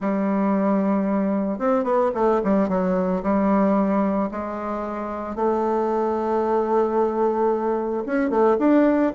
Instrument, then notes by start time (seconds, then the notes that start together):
bassoon
0.00 G3
1.59 C4
1.84 B3
2.14 A3
2.44 G3
2.68 F#3
3.22 G3
4.31 G#3
5.35 A3
8.06 C#4
8.30 A3
8.58 D4